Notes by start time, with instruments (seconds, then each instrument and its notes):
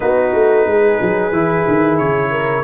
0.00 tuba B3, trombone D#4, horn F#4, trumpet B4
0.33 tuba A3
0.66 tuba G#3, horn G#4
1.01 tuba F#3
1.32 tuba E3, trombone E4
1.67 tuba D#3
1.97 tuba C#3, trumpet C#5
2.31 horn A#4